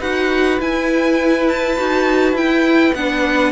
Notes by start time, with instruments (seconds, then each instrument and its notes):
0.00 cello D#4, viola F#4, violin B4 F#5
0.60 viola E4, cello E4, violin G#5
1.49 violin A5
1.78 cello D#4, viola F#4
2.33 cello E4, viola E4, violin G5
2.95 cello B3, viola D4, violin F#5